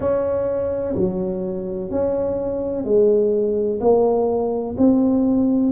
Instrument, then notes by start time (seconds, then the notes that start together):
tuba
0.00 C#4
0.95 F#3
1.90 C#4
2.84 G#3
3.80 A#3
4.77 C4